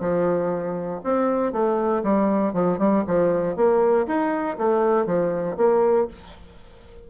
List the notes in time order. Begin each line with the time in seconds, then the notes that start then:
0.00 F3
1.03 C4
1.52 A3
2.03 G3
2.53 F3
2.78 G3
3.06 F3
3.56 A#3
4.06 D#4
4.57 A3
5.06 F3
5.57 A#3